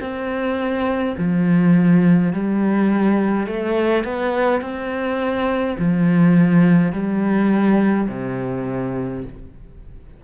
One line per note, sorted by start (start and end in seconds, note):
0.00 1.15 C4
1.17 2.33 F3
2.33 3.47 G3
3.47 4.04 A3
4.04 4.61 B3
4.61 5.76 C4
5.78 6.92 F3
6.92 8.08 G3
8.08 9.24 C3